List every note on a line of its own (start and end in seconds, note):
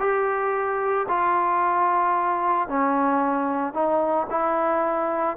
0.00 1.07 G4
1.09 2.69 F4
2.69 3.74 C#4
3.74 4.27 D#4
4.31 5.37 E4